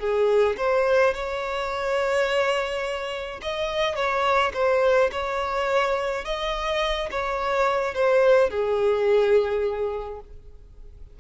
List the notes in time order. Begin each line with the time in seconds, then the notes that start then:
0.00 G#4
0.57 C5
1.14 C#5
3.42 D#5
3.96 C#5
4.54 C5
5.12 C#5
6.25 D#5
7.11 C#5
7.95 C5
8.50 G#4